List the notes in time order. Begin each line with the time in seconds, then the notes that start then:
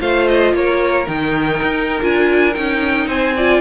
0.00 A3 F4 C5 F5
0.28 D#5
0.54 A#3 A#4 C#5
1.06 D#3 D#4 G5
1.63 D#4
2.01 D4 F4 G#5
2.55 C#4 D#4 G5
3.07 C4 C5 G#5
3.37 F4 D5